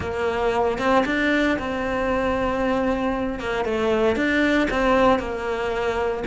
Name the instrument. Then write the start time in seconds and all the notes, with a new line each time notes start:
cello
0.00 A#3
0.78 C4
1.05 D4
1.58 C4
3.39 A#3
3.64 A3
4.15 D4
4.70 C4
5.19 A#3